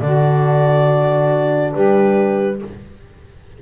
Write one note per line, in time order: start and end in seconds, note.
0.00 1.72 D3
0.00 2.58 D4
0.00 1.73 F#4
0.00 1.71 D5
1.73 2.62 G3
1.73 2.59 G4
1.73 2.59 B4